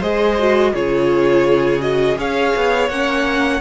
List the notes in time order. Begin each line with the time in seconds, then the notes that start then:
0.00 G#3 G#4 C5 D#5
0.39 F#4
0.74 C#3 F4 G#4 C#5
1.81 F#4 D#5
2.17 C#4 G#4 C#5 F5
2.56 B3
2.89 A#3 C#4 F#5